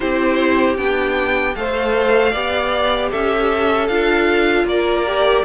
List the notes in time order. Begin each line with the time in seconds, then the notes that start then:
0.00 C4 E4 G4 C5
0.77 B3 D4 G5
1.55 A3 A4 C5 F5
2.31 B3 G4 D5
3.10 C#4 A4 E5
3.87 D4 F4 F5
4.64 A#3 A#4 D5
5.06 G4